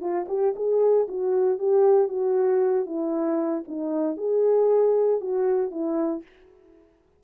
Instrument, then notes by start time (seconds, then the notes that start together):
horn
0.00 F4
0.28 G4
0.56 G#4
1.08 F#4
1.59 G4
2.08 F#4
2.86 E4
3.68 D#4
4.17 G#4
5.21 F#4
5.71 E4